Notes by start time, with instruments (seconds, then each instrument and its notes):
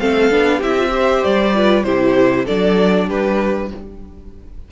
0.00 cello A3, viola C4, violin A4 F5
0.31 cello B3, viola D4
0.58 cello C4, viola E4, violin G4 E5
0.78 viola F4
0.91 viola G4, violin C5
1.24 cello G3, violin D5
1.55 viola F4, violin B4
1.84 cello C3, viola E4, violin G4 C5
2.45 cello F#3, viola D4, violin A4 D5
3.07 cello G3, violin G4 B4